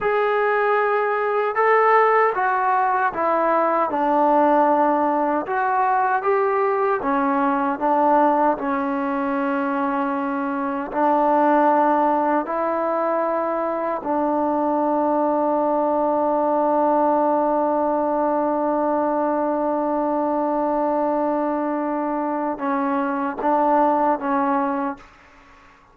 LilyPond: \new Staff \with { instrumentName = "trombone" } { \time 4/4 \tempo 4 = 77 gis'2 a'4 fis'4 | e'4 d'2 fis'4 | g'4 cis'4 d'4 cis'4~ | cis'2 d'2 |
e'2 d'2~ | d'1~ | d'1~ | d'4 cis'4 d'4 cis'4 | }